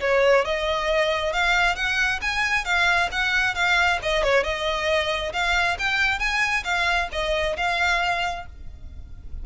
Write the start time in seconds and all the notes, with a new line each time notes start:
0.00 C#5
0.45 D#5
1.33 F5
1.75 F#5
2.21 G#5
2.64 F5
3.11 F#5
3.54 F5
4.02 D#5
4.23 C#5
4.43 D#5
5.32 F5
5.79 G5
6.19 G#5
6.64 F5
7.12 D#5
7.57 F5